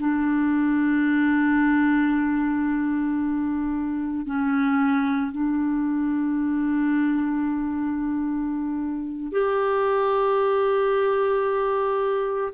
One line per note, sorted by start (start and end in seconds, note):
0.00 4.27 D4
4.27 5.32 C#4
5.32 9.32 D4
9.32 12.54 G4